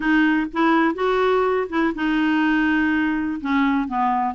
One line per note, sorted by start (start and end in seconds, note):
0.00 0.47 D#4
0.53 0.94 E4
0.94 1.67 F#4
1.69 1.93 E4
1.95 3.40 D#4
3.40 3.88 C#4
3.88 4.34 B3